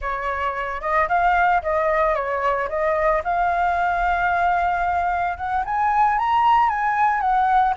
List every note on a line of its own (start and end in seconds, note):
0.01 0.81 C#5
0.81 1.07 D#5
1.08 1.61 F5
1.62 2.14 D#5
2.14 2.68 C#5
2.68 3.22 D#5
3.23 5.37 F5
5.37 5.63 F#5
5.64 6.18 G#5
6.18 6.69 A#5
6.69 7.20 G#5
7.20 7.74 F#5